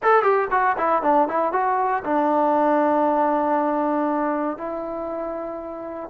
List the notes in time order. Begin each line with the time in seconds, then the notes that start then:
0.03 A4
0.22 G4
0.51 F#4
0.77 E4
1.02 D4
1.28 E4
1.52 F#4
2.04 D4
4.57 E4